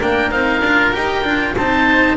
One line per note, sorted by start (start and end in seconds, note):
0.00 0.31 A#3
0.00 0.31 D4
0.00 1.56 A#4
0.00 0.31 G5
0.31 0.61 C4
0.31 0.62 D#4
0.31 0.93 F5
0.61 0.93 D4
0.61 0.92 F4
0.92 1.23 D#4
0.92 1.24 G4
0.92 1.56 G5
1.23 1.54 D4
1.23 1.55 F4
1.56 2.17 C4
1.56 2.17 D#4
1.56 2.17 C5
1.56 2.17 A5